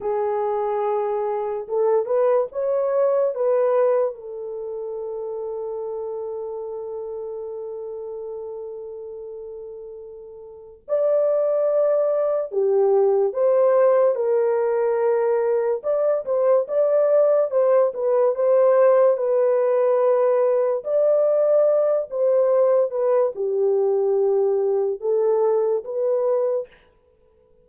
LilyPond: \new Staff \with { instrumentName = "horn" } { \time 4/4 \tempo 4 = 72 gis'2 a'8 b'8 cis''4 | b'4 a'2.~ | a'1~ | a'4 d''2 g'4 |
c''4 ais'2 d''8 c''8 | d''4 c''8 b'8 c''4 b'4~ | b'4 d''4. c''4 b'8 | g'2 a'4 b'4 | }